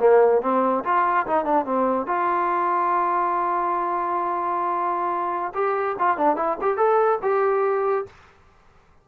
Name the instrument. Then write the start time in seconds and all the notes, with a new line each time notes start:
trombone
0.00 A#3
0.42 C4
0.84 F4
1.27 D#4
1.45 D4
1.66 C4
2.07 F4
5.55 G4
5.99 F4
6.18 D4
6.37 E4
6.62 G4
6.77 A4
7.23 G4